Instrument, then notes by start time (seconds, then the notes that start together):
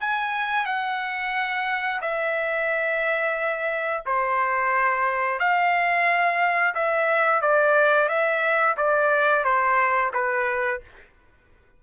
trumpet
0.00 G#5
0.65 F#5
2.01 E5
4.05 C5
5.39 F5
6.74 E5
7.41 D5
8.08 E5
8.77 D5
9.44 C5
10.13 B4